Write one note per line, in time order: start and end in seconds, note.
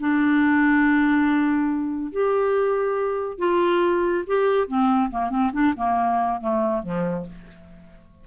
0.00 2.12 D4
2.12 3.39 G4
3.39 4.24 F4
4.27 4.68 G4
4.68 5.11 C4
5.11 5.30 A#3
5.30 5.51 C4
5.53 5.74 D4
5.77 6.41 A#3
6.41 6.83 A3
6.83 7.26 F3